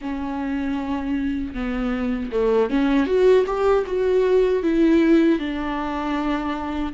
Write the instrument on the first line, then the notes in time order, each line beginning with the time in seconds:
viola
0.01 C#4
1.53 B3
2.31 A3
2.70 C#4
3.06 F#4
3.46 G4
3.86 F#4
4.62 E4
5.38 D4